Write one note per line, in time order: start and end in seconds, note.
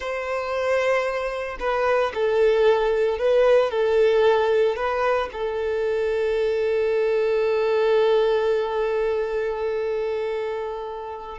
0.00 1.57 C5
1.59 2.12 B4
2.14 3.18 A4
3.18 3.70 B4
3.70 4.75 A4
4.75 5.29 B4
5.32 11.38 A4